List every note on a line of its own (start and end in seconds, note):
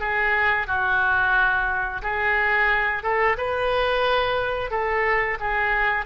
0.00 0.67 G#4
0.67 2.02 F#4
2.03 3.03 G#4
3.03 3.37 A4
3.38 4.71 B4
4.71 5.38 A4
5.40 6.06 G#4